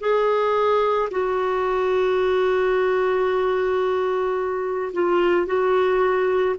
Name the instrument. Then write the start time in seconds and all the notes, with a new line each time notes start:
clarinet
0.00 G#4
1.11 F#4
4.93 F4
5.46 F#4